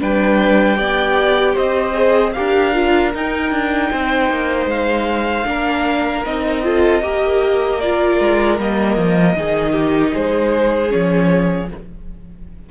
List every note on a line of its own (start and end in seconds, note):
0.00 0.78 G3
0.00 0.76 D4
0.00 0.78 B4
0.00 1.57 G5
0.76 1.56 B3
0.76 1.93 G4
0.76 1.54 D5
1.54 2.35 C4
1.54 2.31 C5
1.54 2.33 D#5
1.93 2.32 G#4
2.33 3.14 D4
2.33 2.73 G4
2.33 3.91 A#4
2.33 3.11 F5
2.73 3.12 F4
3.13 5.45 D#4
3.13 3.51 D#4
3.13 4.69 G5
3.51 3.90 D4
3.91 4.30 C4
3.91 5.47 C5
4.30 4.66 A#3
4.66 5.44 G#3
4.66 6.25 F5
5.45 6.25 A#3
5.45 6.23 D4
5.45 6.65 A#4
6.25 7.03 C4
6.25 6.63 D#4
6.25 7.80 D#5
6.63 7.01 F4
6.63 7.03 A4
7.01 8.19 A#3
7.01 7.79 G4
7.01 9.37 A#4
7.80 8.59 F4
7.80 8.58 D5
8.19 8.58 G#3
8.58 8.97 G3
8.58 9.36 A#3
8.58 10.15 D#5
8.97 9.36 F3
9.36 10.14 D#3
9.36 10.88 D#4
9.36 9.72 G#4
9.72 10.11 G4
10.13 10.93 G#3
10.13 11.69 G#4
10.13 10.91 C5
10.88 11.71 F3
10.88 11.66 C#4
10.88 11.69 C#5